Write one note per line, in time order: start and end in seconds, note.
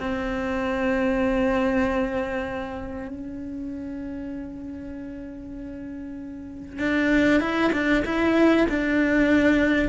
0.00 3.08 C4
3.08 6.79 C#4
6.79 7.41 D4
7.41 7.72 E4
7.73 8.04 D4
8.05 8.67 E4
8.70 9.89 D4